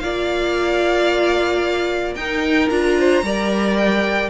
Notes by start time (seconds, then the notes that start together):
0.00 A#3 F4 D5 F5
2.16 D#4 A#4 G5
2.70 D4 F4 A#5
2.99 C5
3.23 G3 A#4 D5
3.78 G5